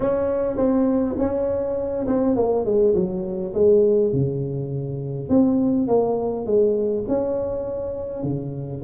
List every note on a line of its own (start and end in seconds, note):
0.00 0.56 C#4
0.56 1.15 C4
1.18 2.06 C#4
2.07 2.36 C4
2.36 2.65 A#3
2.65 2.94 G#3
2.94 3.53 F#3
3.54 4.12 G#3
4.12 5.29 C#3
5.29 5.87 C4
5.87 6.45 A#3
6.45 7.04 G#3
7.07 8.23 C#4
8.23 8.82 C#3